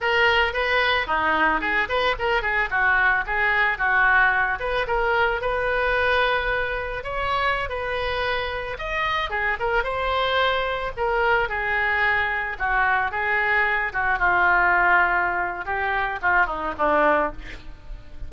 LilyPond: \new Staff \with { instrumentName = "oboe" } { \time 4/4 \tempo 4 = 111 ais'4 b'4 dis'4 gis'8 b'8 | ais'8 gis'8 fis'4 gis'4 fis'4~ | fis'8 b'8 ais'4 b'2~ | b'4 cis''4~ cis''16 b'4.~ b'16~ |
b'16 dis''4 gis'8 ais'8 c''4.~ c''16~ | c''16 ais'4 gis'2 fis'8.~ | fis'16 gis'4. fis'8 f'4.~ f'16~ | f'4 g'4 f'8 dis'8 d'4 | }